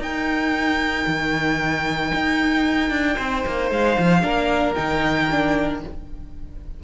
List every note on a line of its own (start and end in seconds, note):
0.00 1.05 D#4
0.00 4.21 D#4
0.00 3.17 A#4
0.00 3.71 G5
1.07 2.12 D#3
2.15 2.91 D#4
2.91 3.17 D4
3.17 3.45 C4
3.17 4.22 C5
3.46 3.71 A#3
3.71 3.98 G#3
3.71 4.75 F5
3.99 4.24 F3
4.21 4.77 A#3
4.21 4.74 D4
4.21 5.81 A#4
4.75 5.84 D#3
4.75 5.29 D#4
4.75 5.80 G5
5.31 5.84 D4